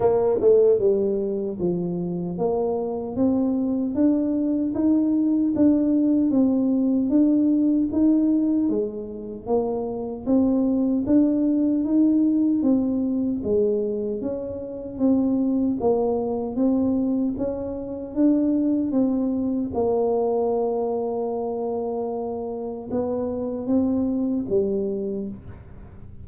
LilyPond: \new Staff \with { instrumentName = "tuba" } { \time 4/4 \tempo 4 = 76 ais8 a8 g4 f4 ais4 | c'4 d'4 dis'4 d'4 | c'4 d'4 dis'4 gis4 | ais4 c'4 d'4 dis'4 |
c'4 gis4 cis'4 c'4 | ais4 c'4 cis'4 d'4 | c'4 ais2.~ | ais4 b4 c'4 g4 | }